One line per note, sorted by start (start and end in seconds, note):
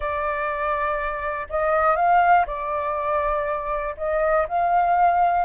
0.00 1.47 D5
1.49 1.96 D#5
1.96 2.45 F5
2.46 3.95 D5
3.97 4.47 D#5
4.48 5.45 F5